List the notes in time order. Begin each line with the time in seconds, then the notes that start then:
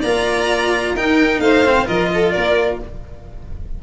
0.00 A#3 F4 D5 A#5
0.94 D#4 A#4 G5
1.39 A3 C5 F5
1.65 C4
1.85 F3 F4 A#4 D#5
2.14 A4
2.31 A#3 A#4 D5